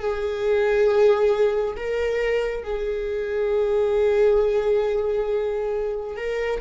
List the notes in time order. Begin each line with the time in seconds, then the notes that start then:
0.00 G#4
1.77 A#4
2.64 G#4
6.17 A#4